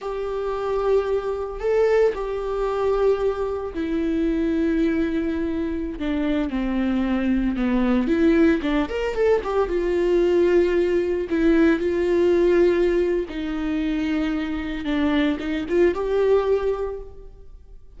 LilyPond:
\new Staff \with { instrumentName = "viola" } { \time 4/4 \tempo 4 = 113 g'2. a'4 | g'2. e'4~ | e'2.~ e'16 d'8.~ | d'16 c'2 b4 e'8.~ |
e'16 d'8 ais'8 a'8 g'8 f'4.~ f'16~ | f'4~ f'16 e'4 f'4.~ f'16~ | f'4 dis'2. | d'4 dis'8 f'8 g'2 | }